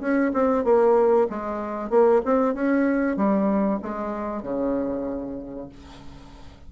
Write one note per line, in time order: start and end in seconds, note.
0.00 0.32 C#4
0.33 0.64 C4
0.64 1.27 A#3
1.29 1.89 G#3
1.89 2.21 A#3
2.25 2.54 C4
2.54 3.16 C#4
3.16 3.80 G3
3.82 4.42 G#3
4.42 5.69 C#3